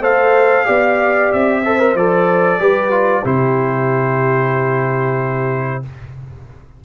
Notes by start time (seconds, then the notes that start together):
0.00 A3 A4 C5 F5
0.66 B3 G4 D5
1.33 C4 E5
1.65 A4 C5
1.79 A#4
1.94 F3 A4 D5
2.59 G3 G4 B4
2.91 F4
3.25 C3 E4 G4 C5